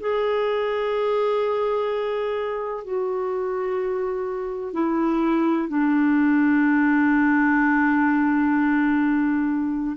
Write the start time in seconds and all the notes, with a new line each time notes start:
0.00 G#4
2.84 F#4
4.73 E4
5.68 D4